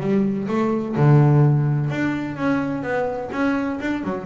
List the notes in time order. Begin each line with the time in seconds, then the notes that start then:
0.00 G3
0.48 A3
0.96 D3
1.90 D4
2.36 C#4
2.83 B3
3.32 C#4
3.81 D4
4.04 F#3